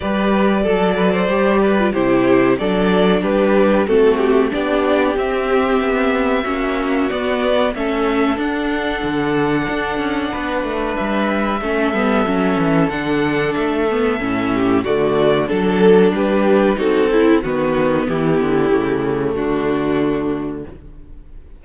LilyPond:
<<
  \new Staff \with { instrumentName = "violin" } { \time 4/4 \tempo 4 = 93 d''2. c''4 | d''4 b'4 a'8 g'8 d''4 | e''2. d''4 | e''4 fis''2.~ |
fis''4 e''2. | fis''4 e''2 d''4 | a'4 b'4 a'4 b'4 | g'2 fis'2 | }
  \new Staff \with { instrumentName = "violin" } { \time 4/4 b'4 a'8 b'16 c''8. b'8 g'4 | a'4 g'4 fis'4 g'4~ | g'2 fis'2 | a'1 |
b'2 a'2~ | a'2~ a'8 g'8 fis'4 | a'4 g'4 fis'8 e'8 fis'4 | e'2 d'2 | }
  \new Staff \with { instrumentName = "viola" } { \time 4/4 g'4 a'4 g'8. f'16 e'4 | d'2 c'4 d'4 | c'2 cis'4 b4 | cis'4 d'2.~ |
d'2 cis'8 b8 cis'4 | d'4. b8 cis'4 a4 | d'2 dis'8 e'8 b4~ | b4 a2. | }
  \new Staff \with { instrumentName = "cello" } { \time 4/4 g4 fis4 g4 c4 | fis4 g4 a4 b4 | c'4 b4 ais4 b4 | a4 d'4 d4 d'8 cis'8 |
b8 a8 g4 a8 g8 fis8 e8 | d4 a4 a,4 d4 | fis4 g4 c'4 dis4 | e8 d8 cis4 d2 | }
>>